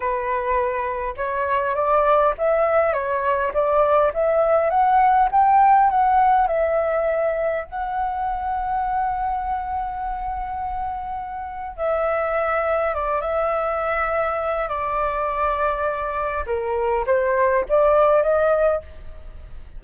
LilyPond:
\new Staff \with { instrumentName = "flute" } { \time 4/4 \tempo 4 = 102 b'2 cis''4 d''4 | e''4 cis''4 d''4 e''4 | fis''4 g''4 fis''4 e''4~ | e''4 fis''2.~ |
fis''1 | e''2 d''8 e''4.~ | e''4 d''2. | ais'4 c''4 d''4 dis''4 | }